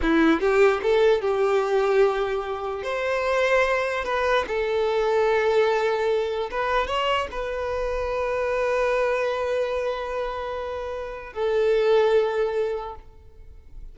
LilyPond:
\new Staff \with { instrumentName = "violin" } { \time 4/4 \tempo 4 = 148 e'4 g'4 a'4 g'4~ | g'2. c''4~ | c''2 b'4 a'4~ | a'1 |
b'4 cis''4 b'2~ | b'1~ | b'1 | a'1 | }